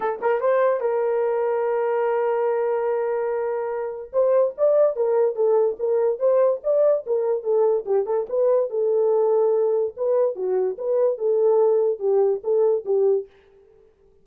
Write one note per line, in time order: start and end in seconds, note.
0.00 0.19 A4
0.21 0.40 A#4
0.40 0.80 C5
0.80 4.11 A#4
4.12 4.54 C5
4.57 4.95 D5
4.95 5.35 A#4
5.35 5.76 A4
5.79 6.19 A#4
6.19 6.60 C5
6.63 7.05 D5
7.06 7.43 A#4
7.43 7.84 A4
7.85 8.06 G4
8.06 8.26 A4
8.29 8.70 B4
8.70 9.94 A4
9.96 10.35 B4
10.35 10.76 F#4
10.78 11.18 B4
11.18 11.99 A4
11.99 12.40 G4
12.43 12.85 A4
12.85 13.26 G4